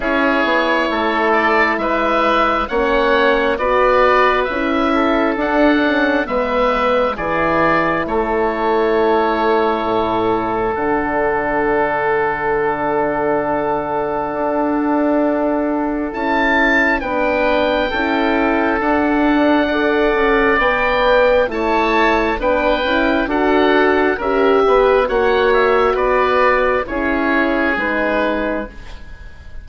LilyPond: <<
  \new Staff \with { instrumentName = "oboe" } { \time 4/4 \tempo 4 = 67 cis''4. d''8 e''4 fis''4 | d''4 e''4 fis''4 e''4 | d''4 cis''2. | fis''1~ |
fis''2 a''4 g''4~ | g''4 fis''2 g''4 | a''4 g''4 fis''4 e''4 | fis''8 e''8 d''4 cis''4 b'4 | }
  \new Staff \with { instrumentName = "oboe" } { \time 4/4 gis'4 a'4 b'4 cis''4 | b'4. a'4. b'4 | gis'4 a'2.~ | a'1~ |
a'2. b'4 | a'2 d''2 | cis''4 b'4 a'4 ais'8 b'8 | cis''4 b'4 gis'2 | }
  \new Staff \with { instrumentName = "horn" } { \time 4/4 e'2. cis'4 | fis'4 e'4 d'8 cis'8 b4 | e'1 | d'1~ |
d'2 e'4 d'4 | e'4 d'4 a'4 b'4 | e'4 d'8 e'8 fis'4 g'4 | fis'2 e'4 dis'4 | }
  \new Staff \with { instrumentName = "bassoon" } { \time 4/4 cis'8 b8 a4 gis4 ais4 | b4 cis'4 d'4 gis4 | e4 a2 a,4 | d1 |
d'2 cis'4 b4 | cis'4 d'4. cis'8 b4 | a4 b8 cis'8 d'4 cis'8 b8 | ais4 b4 cis'4 gis4 | }
>>